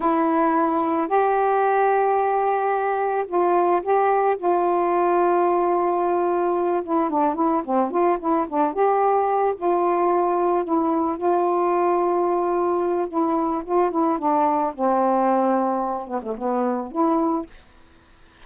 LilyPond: \new Staff \with { instrumentName = "saxophone" } { \time 4/4 \tempo 4 = 110 e'2 g'2~ | g'2 f'4 g'4 | f'1~ | f'8 e'8 d'8 e'8 c'8 f'8 e'8 d'8 |
g'4. f'2 e'8~ | e'8 f'2.~ f'8 | e'4 f'8 e'8 d'4 c'4~ | c'4. b16 a16 b4 e'4 | }